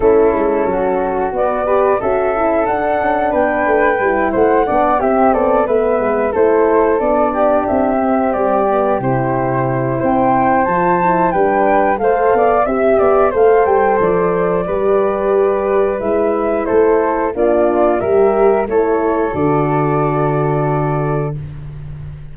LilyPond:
<<
  \new Staff \with { instrumentName = "flute" } { \time 4/4 \tempo 4 = 90 a'2 d''4 e''4 | fis''4 g''4. fis''4 e''8 | d''8 e''4 c''4 d''4 e''8~ | e''8 d''4 c''4. g''4 |
a''4 g''4 f''4 e''4 | f''8 g''8 d''2. | e''4 c''4 d''4 e''4 | cis''4 d''2. | }
  \new Staff \with { instrumentName = "flute" } { \time 4/4 e'4 fis'4. b'8 a'4~ | a'4 b'4. c''8 d''8 g'8 | a'8 b'4 a'4. g'4~ | g'2. c''4~ |
c''4 b'4 c''8 d''8 e''8 d''8 | c''2 b'2~ | b'4 a'4 f'4 ais'4 | a'1 | }
  \new Staff \with { instrumentName = "horn" } { \time 4/4 cis'2 b8 g'8 fis'8 e'8 | d'2 e'4 d'8 c'8~ | c'8 b4 e'4 d'4. | c'4 b8 e'2~ e'8 |
f'8 e'8 d'4 a'4 g'4 | a'2 g'2 | e'2 d'4 g'4 | e'4 fis'2. | }
  \new Staff \with { instrumentName = "tuba" } { \time 4/4 a8 gis8 fis4 b4 cis'4 | d'8 cis'8 b8 a8 g8 a8 b8 c'8 | b8 a8 gis8 a4 b4 c'8~ | c'8 g4 c4. c'4 |
f4 g4 a8 b8 c'8 b8 | a8 g8 f4 g2 | gis4 a4 ais4 g4 | a4 d2. | }
>>